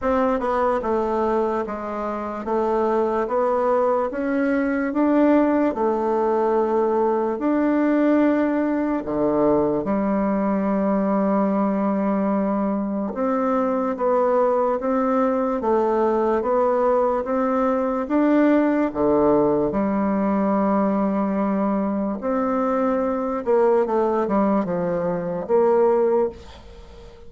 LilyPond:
\new Staff \with { instrumentName = "bassoon" } { \time 4/4 \tempo 4 = 73 c'8 b8 a4 gis4 a4 | b4 cis'4 d'4 a4~ | a4 d'2 d4 | g1 |
c'4 b4 c'4 a4 | b4 c'4 d'4 d4 | g2. c'4~ | c'8 ais8 a8 g8 f4 ais4 | }